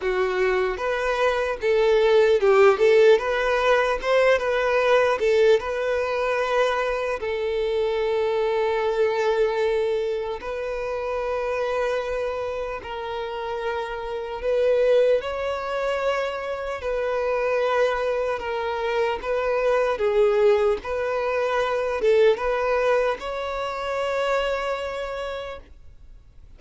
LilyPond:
\new Staff \with { instrumentName = "violin" } { \time 4/4 \tempo 4 = 75 fis'4 b'4 a'4 g'8 a'8 | b'4 c''8 b'4 a'8 b'4~ | b'4 a'2.~ | a'4 b'2. |
ais'2 b'4 cis''4~ | cis''4 b'2 ais'4 | b'4 gis'4 b'4. a'8 | b'4 cis''2. | }